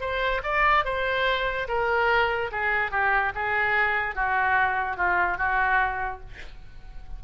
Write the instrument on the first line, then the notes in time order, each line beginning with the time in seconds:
oboe
0.00 C5
0.43 D5
0.84 C5
1.68 A#4
2.51 G#4
2.91 G4
3.35 G#4
4.15 F#4
4.97 F4
5.37 F#4